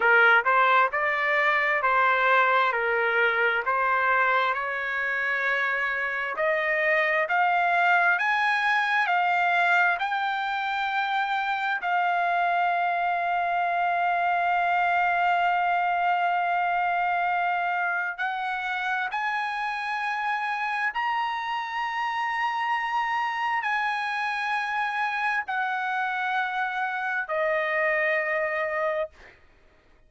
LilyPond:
\new Staff \with { instrumentName = "trumpet" } { \time 4/4 \tempo 4 = 66 ais'8 c''8 d''4 c''4 ais'4 | c''4 cis''2 dis''4 | f''4 gis''4 f''4 g''4~ | g''4 f''2.~ |
f''1 | fis''4 gis''2 ais''4~ | ais''2 gis''2 | fis''2 dis''2 | }